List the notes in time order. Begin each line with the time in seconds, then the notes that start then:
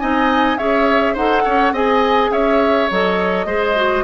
0.00 C4 D#4 D#5 G#5
0.58 C#4 G#4 C#5 E5
1.14 D#4 A4 C5 F#5
1.45 C#4 C#5
1.72 C4 G#4 D#5 G#5
2.31 C#4 C#5 E5
2.91 F#3 A4 D#5
3.46 G#3 G#4 C5
3.76 F#4